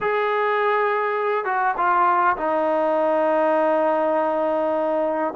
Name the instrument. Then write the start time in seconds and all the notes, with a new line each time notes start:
trombone
0.00 G#4
1.44 F#4
1.77 F4
2.36 D#4